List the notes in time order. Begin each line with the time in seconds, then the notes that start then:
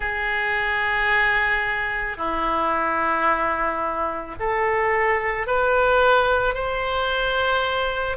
0.00 G#4
2.17 E4
4.39 A4
5.46 B4
6.54 C5